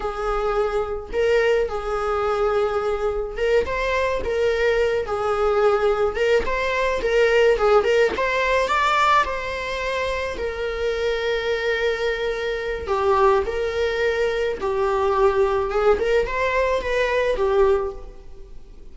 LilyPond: \new Staff \with { instrumentName = "viola" } { \time 4/4 \tempo 4 = 107 gis'2 ais'4 gis'4~ | gis'2 ais'8 c''4 ais'8~ | ais'4 gis'2 ais'8 c''8~ | c''8 ais'4 gis'8 ais'8 c''4 d''8~ |
d''8 c''2 ais'4.~ | ais'2. g'4 | ais'2 g'2 | gis'8 ais'8 c''4 b'4 g'4 | }